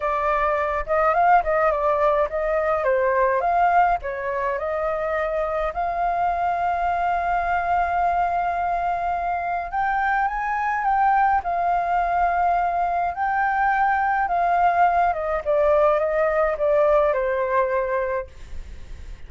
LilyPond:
\new Staff \with { instrumentName = "flute" } { \time 4/4 \tempo 4 = 105 d''4. dis''8 f''8 dis''8 d''4 | dis''4 c''4 f''4 cis''4 | dis''2 f''2~ | f''1~ |
f''4 g''4 gis''4 g''4 | f''2. g''4~ | g''4 f''4. dis''8 d''4 | dis''4 d''4 c''2 | }